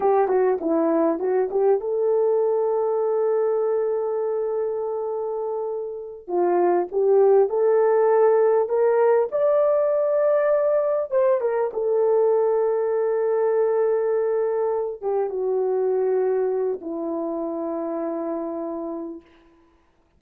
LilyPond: \new Staff \with { instrumentName = "horn" } { \time 4/4 \tempo 4 = 100 g'8 fis'8 e'4 fis'8 g'8 a'4~ | a'1~ | a'2~ a'8 f'4 g'8~ | g'8 a'2 ais'4 d''8~ |
d''2~ d''8 c''8 ais'8 a'8~ | a'1~ | a'4 g'8 fis'2~ fis'8 | e'1 | }